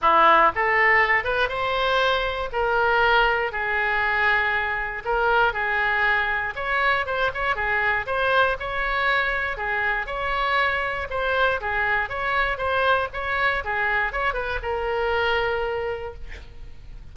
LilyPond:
\new Staff \with { instrumentName = "oboe" } { \time 4/4 \tempo 4 = 119 e'4 a'4. b'8 c''4~ | c''4 ais'2 gis'4~ | gis'2 ais'4 gis'4~ | gis'4 cis''4 c''8 cis''8 gis'4 |
c''4 cis''2 gis'4 | cis''2 c''4 gis'4 | cis''4 c''4 cis''4 gis'4 | cis''8 b'8 ais'2. | }